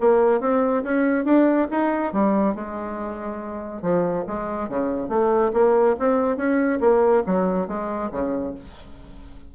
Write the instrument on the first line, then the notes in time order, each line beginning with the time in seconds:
bassoon
0.00 A#3
0.40 C4
0.84 C#4
1.24 D4
1.70 D#4
2.13 G3
2.54 G#3
3.82 F3
4.27 G#3
4.69 C#3
5.09 A3
5.53 A#3
5.99 C4
6.37 C#4
6.80 A#3
7.26 F#3
7.67 G#3
8.11 C#3